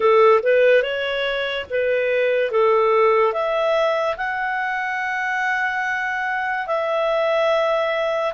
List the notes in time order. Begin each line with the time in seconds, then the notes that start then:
0.00 A4
0.42 B4
0.82 C#5
1.70 B4
2.51 A4
3.32 E5
4.16 F#5
6.67 E5